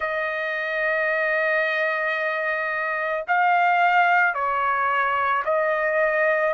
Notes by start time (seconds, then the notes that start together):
0.00 D#5
3.27 F5
4.34 C#5
5.44 D#5